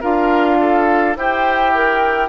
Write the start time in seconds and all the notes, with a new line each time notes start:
0.00 D4 F4 A#4 F5
0.60 A4
1.16 E4 G4 C5 G5
1.74 A#4